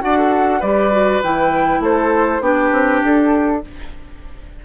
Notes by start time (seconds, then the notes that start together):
0.00 D4 F#4 D5 F#5
0.18 A4
0.60 G3 G4 B4 D5
0.92 F#4
1.23 E3 E4 G5
1.80 A3 A4 C5
2.40 B3 D4 G4 B4
2.72 C4
3.04 D4 A4